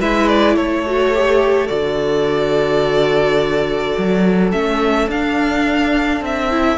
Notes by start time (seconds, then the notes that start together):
0.00 G#3 E4 B4 E5
0.28 D5
0.56 A3 A4 C#5
0.86 F#4
1.15 G4
1.68 D3 F#4 D5
3.98 F#3
4.52 A3 C#4 E5
5.08 D4 F5
6.21 C4 E5
6.51 E4